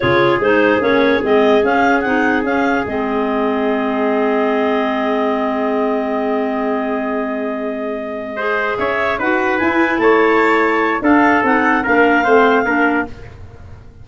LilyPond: <<
  \new Staff \with { instrumentName = "clarinet" } { \time 4/4 \tempo 4 = 147 cis''4 c''4 cis''4 dis''4 | f''4 fis''4 f''4 dis''4~ | dis''1~ | dis''1~ |
dis''1~ | dis''4. e''4 fis''4 gis''8~ | gis''8 a''2~ a''8 f''4 | fis''4 f''2. | }
  \new Staff \with { instrumentName = "trumpet" } { \time 4/4 gis'1~ | gis'1~ | gis'1~ | gis'1~ |
gis'1~ | gis'8 c''4 cis''4 b'4.~ | b'8 cis''2~ cis''8 a'4~ | a'4 ais'4 c''4 ais'4 | }
  \new Staff \with { instrumentName = "clarinet" } { \time 4/4 f'4 dis'4 cis'4 c'4 | cis'4 dis'4 cis'4 c'4~ | c'1~ | c'1~ |
c'1~ | c'8 gis'2 fis'4 e'8~ | e'2. d'4 | dis'4 d'4 c'4 d'4 | }
  \new Staff \with { instrumentName = "tuba" } { \time 4/4 cis4 gis4 ais4 gis4 | cis'4 c'4 cis'4 gis4~ | gis1~ | gis1~ |
gis1~ | gis4. cis'4 dis'4 e'8~ | e'8 a2~ a8 d'4 | c'4 ais4 a4 ais4 | }
>>